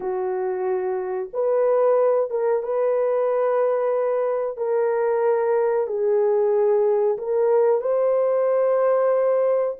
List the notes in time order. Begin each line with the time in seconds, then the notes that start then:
0.00 F#4
1.33 B4
2.30 A#4
2.63 B4
4.57 A#4
5.87 G#4
7.17 A#4
7.81 C5